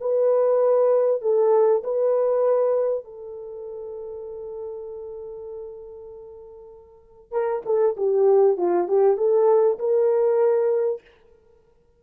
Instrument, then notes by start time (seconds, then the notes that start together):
horn
0.00 B4
1.21 A4
1.83 B4
3.04 A4
7.31 A#4
7.65 A4
7.96 G4
8.57 F4
8.87 G4
9.17 A4
9.78 A#4